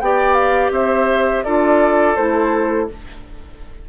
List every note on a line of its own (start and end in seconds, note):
0.00 0.70 B3
0.00 1.46 G4
0.00 0.72 D5
0.00 0.34 G5
0.34 0.70 F5
0.70 1.42 C4
0.70 1.44 C5
0.70 1.44 E5
1.44 2.16 D4
1.44 2.16 F4
1.44 2.89 A4
1.44 2.16 D5
2.16 2.88 A3
2.16 2.89 E4
2.16 2.88 C5